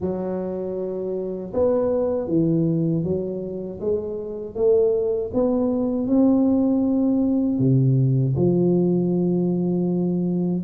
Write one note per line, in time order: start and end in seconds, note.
0.00 1.52 F#3
1.53 2.27 B3
2.27 3.03 E3
3.03 3.79 F#3
3.80 4.55 G#3
4.55 5.31 A3
5.33 6.07 B3
6.07 7.58 C4
7.58 8.34 C3
8.36 10.63 F3